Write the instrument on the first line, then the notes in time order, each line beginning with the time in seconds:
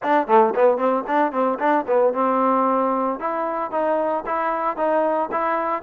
trombone
0.03 D4
0.27 A3
0.55 B3
0.77 C4
1.07 D4
1.32 C4
1.59 D4
1.87 B3
2.13 C4
3.19 E4
3.71 D#4
4.26 E4
4.76 D#4
5.31 E4